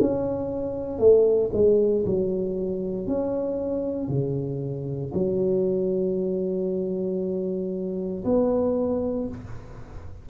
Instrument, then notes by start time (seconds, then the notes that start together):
tuba
0.00 C#4
0.98 A3
1.53 G#3
2.06 F#3
3.07 C#4
4.09 C#3
5.14 F#3
8.25 B3